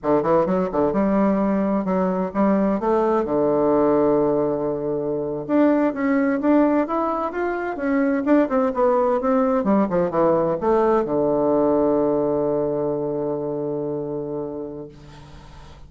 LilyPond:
\new Staff \with { instrumentName = "bassoon" } { \time 4/4 \tempo 4 = 129 d8 e8 fis8 d8 g2 | fis4 g4 a4 d4~ | d2.~ d8. d'16~ | d'8. cis'4 d'4 e'4 f'16~ |
f'8. cis'4 d'8 c'8 b4 c'16~ | c'8. g8 f8 e4 a4 d16~ | d1~ | d1 | }